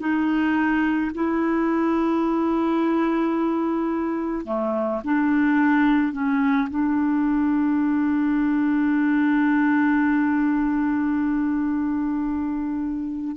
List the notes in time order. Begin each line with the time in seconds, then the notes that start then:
0.00 D#4
1.15 E4
4.45 A3
5.04 D4
6.13 C#4
6.70 D4